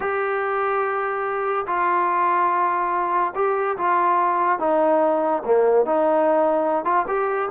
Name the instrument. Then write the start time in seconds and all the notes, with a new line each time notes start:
trombone
0.00 G4
1.66 F4
3.35 G4
3.77 F4
4.59 D#4
5.45 A#3
5.85 D#4
6.84 F4
7.07 G4